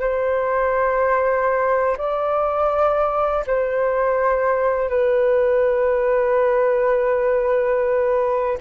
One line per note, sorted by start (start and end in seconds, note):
0.00 1.97 C5
1.97 3.45 D5
3.46 4.89 C5
4.89 8.58 B4